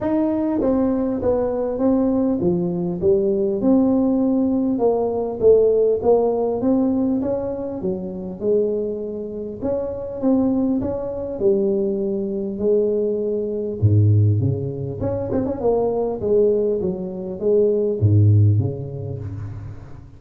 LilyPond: \new Staff \with { instrumentName = "tuba" } { \time 4/4 \tempo 4 = 100 dis'4 c'4 b4 c'4 | f4 g4 c'2 | ais4 a4 ais4 c'4 | cis'4 fis4 gis2 |
cis'4 c'4 cis'4 g4~ | g4 gis2 gis,4 | cis4 cis'8 c'16 cis'16 ais4 gis4 | fis4 gis4 gis,4 cis4 | }